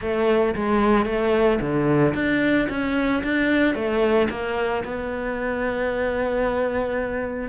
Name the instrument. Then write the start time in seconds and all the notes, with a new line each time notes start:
cello
0.01 A3
0.55 G#3
1.05 A3
1.60 D3
2.14 D4
2.69 C#4
3.23 D4
3.75 A3
4.30 A#3
4.84 B3